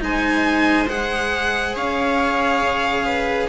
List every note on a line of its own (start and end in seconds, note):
0.00 1.75 G#3
0.00 0.87 D#4
0.00 1.75 C5
0.00 0.88 G#5
0.88 3.49 G#4
0.88 1.75 F#5
1.75 2.62 C#4
1.75 3.05 C#5
1.75 3.49 F5
2.62 3.49 C#3
3.05 3.49 B4